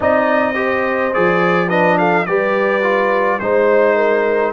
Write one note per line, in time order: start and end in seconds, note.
0.00 1.13 C4
0.00 0.54 D#4
0.00 0.55 D5
0.00 1.13 D#5
0.54 1.11 G4
0.54 1.68 C5
1.13 2.25 F3
1.13 1.69 G#4
1.13 1.69 D5
1.68 2.26 D4
1.68 1.96 B4
1.68 1.97 D#5
1.98 2.26 A4
1.98 2.25 F5
2.25 3.38 G3
2.25 2.82 G4
2.25 3.41 B4
2.25 3.39 D5
2.82 3.39 F4
3.39 4.53 G#3
3.39 4.53 D#4
3.39 4.52 C5
3.39 3.95 C5
3.95 4.52 A#4